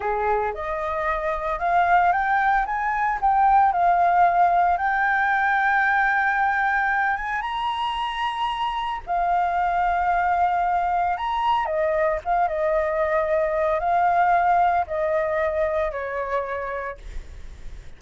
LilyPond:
\new Staff \with { instrumentName = "flute" } { \time 4/4 \tempo 4 = 113 gis'4 dis''2 f''4 | g''4 gis''4 g''4 f''4~ | f''4 g''2.~ | g''4. gis''8 ais''2~ |
ais''4 f''2.~ | f''4 ais''4 dis''4 f''8 dis''8~ | dis''2 f''2 | dis''2 cis''2 | }